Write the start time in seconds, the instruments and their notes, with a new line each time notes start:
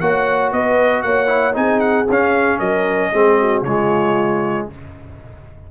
0.00 tuba A#3, trombone F#4, horn C#5, trumpet F#5
0.52 tuba B3, horn B4, trumpet D#5
1.02 tuba A#3, horn C#5, trumpet F#5
1.27 trombone E4
1.53 tuba C4, trombone D#4, horn G#4, trumpet G#5
1.80 trumpet F#5
2.09 tuba C#4, trombone C#4, trumpet F5
2.59 tuba F#3, horn A#4, trumpet D#5
3.12 tuba G#3, trombone C4, horn G#4
3.39 horn F#4
3.62 tuba C#3, trombone G#3, horn F4, trumpet C#5